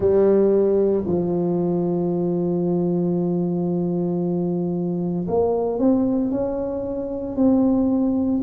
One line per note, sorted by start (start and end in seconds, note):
0.00 1.04 G3
1.05 5.26 F3
5.28 5.78 A#3
5.78 6.30 C4
6.30 7.35 C#4
7.35 8.41 C4